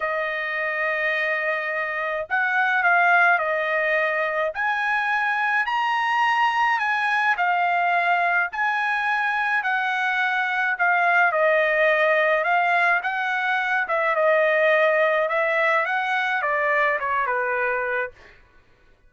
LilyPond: \new Staff \with { instrumentName = "trumpet" } { \time 4/4 \tempo 4 = 106 dis''1 | fis''4 f''4 dis''2 | gis''2 ais''2 | gis''4 f''2 gis''4~ |
gis''4 fis''2 f''4 | dis''2 f''4 fis''4~ | fis''8 e''8 dis''2 e''4 | fis''4 d''4 cis''8 b'4. | }